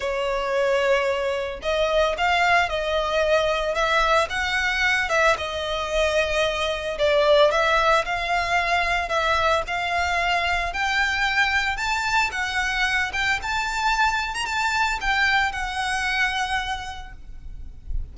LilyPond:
\new Staff \with { instrumentName = "violin" } { \time 4/4 \tempo 4 = 112 cis''2. dis''4 | f''4 dis''2 e''4 | fis''4. e''8 dis''2~ | dis''4 d''4 e''4 f''4~ |
f''4 e''4 f''2 | g''2 a''4 fis''4~ | fis''8 g''8 a''4.~ a''16 ais''16 a''4 | g''4 fis''2. | }